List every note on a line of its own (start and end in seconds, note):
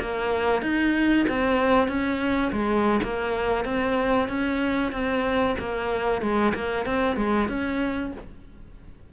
0.00 0.62 A#3
0.62 1.26 D#4
1.29 1.87 C4
1.87 2.51 C#4
2.52 3.00 G#3
3.03 3.64 A#3
3.64 4.28 C4
4.28 4.91 C#4
4.91 5.55 C4
5.59 6.21 A#3
6.21 6.53 G#3
6.54 6.85 A#3
6.85 7.16 C4
7.16 7.48 G#3
7.48 8.12 C#4